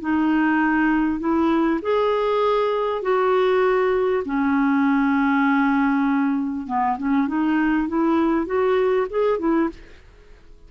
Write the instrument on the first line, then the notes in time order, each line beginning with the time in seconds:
clarinet
0.00 D#4
1.20 E4
1.82 G#4
3.02 F#4
4.25 C#4
6.67 B3
6.97 C#4
7.27 D#4
7.88 E4
8.46 F#4
9.10 G#4
9.39 E4